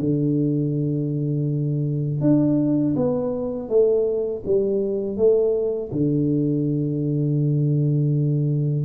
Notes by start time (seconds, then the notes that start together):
0.00 D3
2.21 D4
2.96 B3
3.69 A3
4.46 G3
5.17 A3
5.93 D3